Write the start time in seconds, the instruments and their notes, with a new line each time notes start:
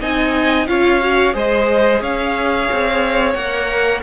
0.00 cello C4, viola D#4, violin D#5 G#5
0.66 cello C#4, viola F4, violin C#5 F5
1.00 viola F#4
1.33 cello G#3, viola G#4, violin C5 D#5
2.00 cello C#4, violin C#5 F5
2.72 cello C4
3.33 cello A#3, viola A#4, violin F#5